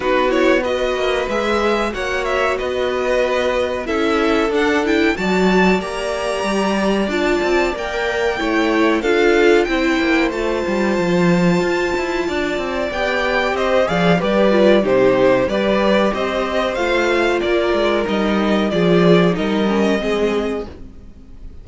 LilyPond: <<
  \new Staff \with { instrumentName = "violin" } { \time 4/4 \tempo 4 = 93 b'8 cis''8 dis''4 e''4 fis''8 e''8 | dis''2 e''4 fis''8 g''8 | a''4 ais''2 a''4 | g''2 f''4 g''4 |
a''1 | g''4 dis''8 f''8 d''4 c''4 | d''4 dis''4 f''4 d''4 | dis''4 d''4 dis''2 | }
  \new Staff \with { instrumentName = "violin" } { \time 4/4 fis'4 b'2 cis''4 | b'2 a'2 | d''1~ | d''4 cis''4 a'4 c''4~ |
c''2. d''4~ | d''4 c''8 d''8 b'4 g'4 | b'4 c''2 ais'4~ | ais'4 gis'4 ais'4 gis'4 | }
  \new Staff \with { instrumentName = "viola" } { \time 4/4 dis'8 e'8 fis'4 gis'4 fis'4~ | fis'2 e'4 d'8 e'8 | fis'4 g'2 f'4 | ais'4 e'4 f'4 e'4 |
f'1 | g'4. gis'8 g'8 f'8 dis'4 | g'2 f'2 | dis'4 f'4 dis'8 cis'8 c'4 | }
  \new Staff \with { instrumentName = "cello" } { \time 4/4 b4. ais8 gis4 ais4 | b2 cis'4 d'4 | fis4 ais4 g4 d'8 c'8 | ais4 a4 d'4 c'8 ais8 |
a8 g8 f4 f'8 e'8 d'8 c'8 | b4 c'8 f8 g4 c4 | g4 c'4 a4 ais8 gis8 | g4 f4 g4 gis4 | }
>>